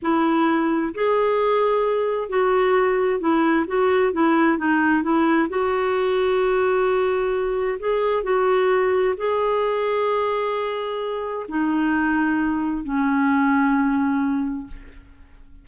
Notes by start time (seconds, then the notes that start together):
0.01 E4
0.94 G#4
2.29 F#4
3.20 E4
3.67 F#4
4.12 E4
4.58 D#4
5.02 E4
5.49 F#4
7.79 G#4
8.23 F#4
9.17 G#4
11.48 D#4
12.84 C#4